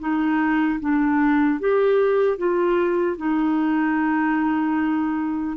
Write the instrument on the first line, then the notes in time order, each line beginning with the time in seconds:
clarinet
0.00 D#4
0.80 D4
1.60 G4
2.38 F4
3.17 D#4